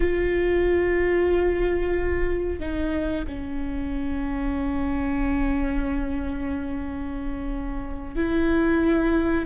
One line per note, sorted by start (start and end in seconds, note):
0.00 2.59 F4
2.59 3.24 D#4
3.27 8.15 C#4
8.15 9.45 E4